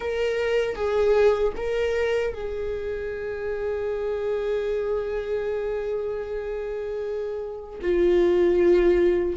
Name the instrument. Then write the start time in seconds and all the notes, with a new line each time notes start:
viola
0.00 A#4
0.75 G#4
1.56 A#4
2.34 G#4
7.81 F4